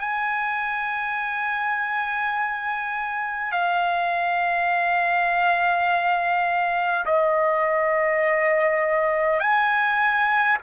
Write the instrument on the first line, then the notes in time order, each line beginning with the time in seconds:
trumpet
0.00 G#5
3.52 F5
7.06 D#5
9.40 G#5